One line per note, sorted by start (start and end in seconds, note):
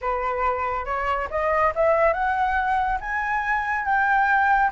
0.01 0.85 B4
0.85 1.28 C#5
1.30 1.73 D#5
1.75 2.13 E5
2.13 2.99 F#5
3.00 3.85 G#5
3.85 4.70 G5